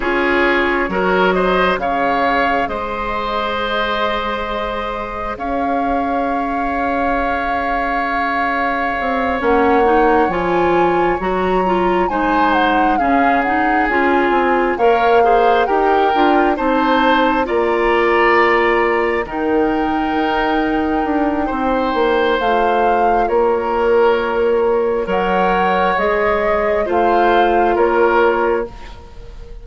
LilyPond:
<<
  \new Staff \with { instrumentName = "flute" } { \time 4/4 \tempo 4 = 67 cis''4. dis''8 f''4 dis''4~ | dis''2 f''2~ | f''2~ f''8 fis''4 gis''8~ | gis''8 ais''4 gis''8 fis''8 f''8 fis''8 gis''8~ |
gis''8 f''4 g''4 a''4 ais''8~ | ais''4. g''2~ g''8~ | g''4 f''4 cis''2 | fis''4 dis''4 f''4 cis''4 | }
  \new Staff \with { instrumentName = "oboe" } { \time 4/4 gis'4 ais'8 c''8 cis''4 c''4~ | c''2 cis''2~ | cis''1~ | cis''4. c''4 gis'4.~ |
gis'8 cis''8 c''8 ais'4 c''4 d''8~ | d''4. ais'2~ ais'8 | c''2 ais'2 | cis''2 c''4 ais'4 | }
  \new Staff \with { instrumentName = "clarinet" } { \time 4/4 f'4 fis'4 gis'2~ | gis'1~ | gis'2~ gis'8 cis'8 dis'8 f'8~ | f'8 fis'8 f'8 dis'4 cis'8 dis'8 f'8~ |
f'8 ais'8 gis'8 g'8 f'8 dis'4 f'8~ | f'4. dis'2~ dis'8~ | dis'4 f'2. | ais'4 gis'4 f'2 | }
  \new Staff \with { instrumentName = "bassoon" } { \time 4/4 cis'4 fis4 cis4 gis4~ | gis2 cis'2~ | cis'2 c'8 ais4 f8~ | f8 fis4 gis4 cis4 cis'8 |
c'8 ais4 dis'8 d'8 c'4 ais8~ | ais4. dis4 dis'4 d'8 | c'8 ais8 a4 ais2 | fis4 gis4 a4 ais4 | }
>>